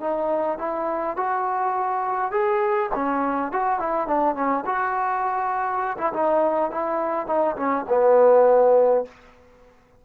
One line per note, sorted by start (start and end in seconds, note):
0.00 0.58 D#4
0.58 1.17 E4
1.17 2.31 F#4
2.31 2.90 G#4
2.95 3.52 C#4
3.52 3.79 F#4
3.79 4.07 E4
4.07 4.35 D4
4.35 4.64 C#4
4.66 5.97 F#4
5.98 6.12 E4
6.13 6.71 D#4
6.71 7.27 E4
7.27 7.56 D#4
7.56 7.85 C#4
7.89 9.05 B3